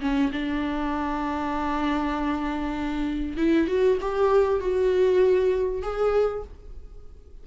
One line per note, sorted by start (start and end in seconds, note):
0.00 0.31 C#4
0.32 3.37 D4
3.37 3.67 E4
3.67 3.98 F#4
4.00 4.60 G4
4.60 5.82 F#4
5.82 6.43 G#4